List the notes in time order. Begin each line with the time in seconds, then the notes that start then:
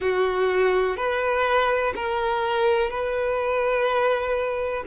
0.00 F#4
0.96 B4
1.95 A#4
2.90 B4